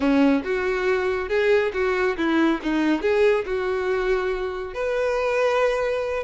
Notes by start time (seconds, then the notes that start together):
0.00 C#4
0.43 F#4
1.29 G#4
1.73 F#4
2.17 E4
2.62 D#4
3.01 G#4
3.45 F#4
4.73 B4